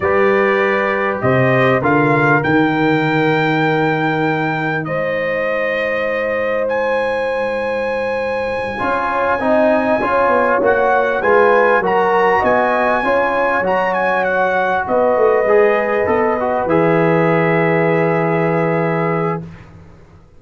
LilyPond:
<<
  \new Staff \with { instrumentName = "trumpet" } { \time 4/4 \tempo 4 = 99 d''2 dis''4 f''4 | g''1 | dis''2. gis''4~ | gis''1~ |
gis''4. fis''4 gis''4 ais''8~ | ais''8 gis''2 ais''8 gis''8 fis''8~ | fis''8 dis''2. e''8~ | e''1 | }
  \new Staff \with { instrumentName = "horn" } { \time 4/4 b'2 c''4 ais'4~ | ais'1 | c''1~ | c''2~ c''8 cis''4 dis''8~ |
dis''8 cis''2 b'4 ais'8~ | ais'8 dis''4 cis''2~ cis''8~ | cis''8 b'2.~ b'8~ | b'1 | }
  \new Staff \with { instrumentName = "trombone" } { \time 4/4 g'2. f'4 | dis'1~ | dis'1~ | dis'2~ dis'8 f'4 dis'8~ |
dis'8 f'4 fis'4 f'4 fis'8~ | fis'4. f'4 fis'4.~ | fis'4. gis'4 a'8 fis'8 gis'8~ | gis'1 | }
  \new Staff \with { instrumentName = "tuba" } { \time 4/4 g2 c4 d4 | dis1 | gis1~ | gis2~ gis8 cis'4 c'8~ |
c'8 cis'8 b8 ais4 gis4 fis8~ | fis8 b4 cis'4 fis4.~ | fis8 b8 a8 gis4 b4 e8~ | e1 | }
>>